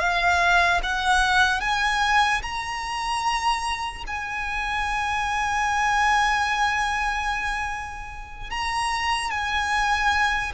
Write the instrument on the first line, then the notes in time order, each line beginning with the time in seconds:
violin
0.00 F5
0.83 F#5
1.61 G#5
2.43 A#5
4.08 G#5
8.51 A#5
9.31 G#5